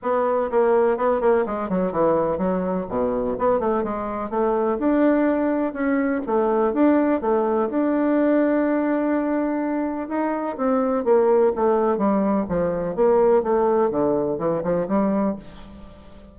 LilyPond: \new Staff \with { instrumentName = "bassoon" } { \time 4/4 \tempo 4 = 125 b4 ais4 b8 ais8 gis8 fis8 | e4 fis4 b,4 b8 a8 | gis4 a4 d'2 | cis'4 a4 d'4 a4 |
d'1~ | d'4 dis'4 c'4 ais4 | a4 g4 f4 ais4 | a4 d4 e8 f8 g4 | }